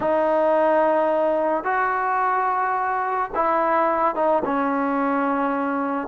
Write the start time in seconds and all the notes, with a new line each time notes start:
0.00 D#4
1.64 F#4
3.35 E4
4.15 D#4
4.44 C#4